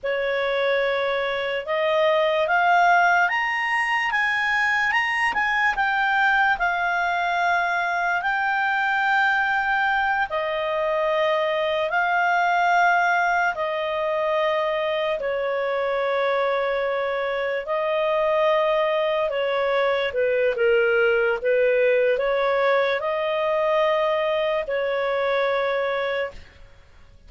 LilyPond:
\new Staff \with { instrumentName = "clarinet" } { \time 4/4 \tempo 4 = 73 cis''2 dis''4 f''4 | ais''4 gis''4 ais''8 gis''8 g''4 | f''2 g''2~ | g''8 dis''2 f''4.~ |
f''8 dis''2 cis''4.~ | cis''4. dis''2 cis''8~ | cis''8 b'8 ais'4 b'4 cis''4 | dis''2 cis''2 | }